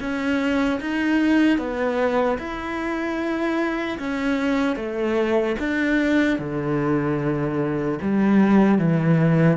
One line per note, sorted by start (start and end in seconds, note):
0.00 0.80 C#4
0.80 1.58 D#4
1.58 2.38 B3
2.39 3.99 E4
3.99 4.76 C#4
4.76 5.56 A3
5.60 6.39 D4
6.39 7.99 D3
8.02 8.79 G3
8.79 9.57 E3